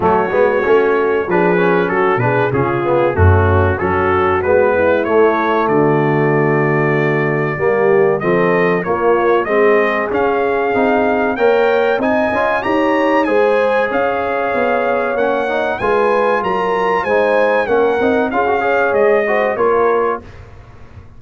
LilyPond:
<<
  \new Staff \with { instrumentName = "trumpet" } { \time 4/4 \tempo 4 = 95 cis''2 b'4 a'8 b'8 | gis'4 fis'4 a'4 b'4 | cis''4 d''2.~ | d''4 dis''4 cis''4 dis''4 |
f''2 g''4 gis''4 | ais''4 gis''4 f''2 | fis''4 gis''4 ais''4 gis''4 | fis''4 f''4 dis''4 cis''4 | }
  \new Staff \with { instrumentName = "horn" } { \time 4/4 fis'2 gis'4 fis'8 gis'8 | f'4 cis'4 fis'4. e'8~ | e'4 fis'2. | g'4 a'4 f'4 gis'4~ |
gis'2 cis''4 dis''4 | cis''4 c''4 cis''2~ | cis''4 b'4 ais'4 c''4 | ais'4 gis'8 cis''4 c''8 ais'4 | }
  \new Staff \with { instrumentName = "trombone" } { \time 4/4 a8 b8 cis'4 d'8 cis'4 d'8 | cis'8 b8 a4 cis'4 b4 | a1 | ais4 c'4 ais4 c'4 |
cis'4 dis'4 ais'4 dis'8 f'8 | g'4 gis'2. | cis'8 dis'8 f'2 dis'4 | cis'8 dis'8 f'16 fis'16 gis'4 fis'8 f'4 | }
  \new Staff \with { instrumentName = "tuba" } { \time 4/4 fis8 gis8 a4 f4 fis8 b,8 | cis4 fis,4 fis4 gis4 | a4 d2. | g4 f4 ais4 gis4 |
cis'4 c'4 ais4 c'8 cis'8 | dis'4 gis4 cis'4 b4 | ais4 gis4 fis4 gis4 | ais8 c'8 cis'4 gis4 ais4 | }
>>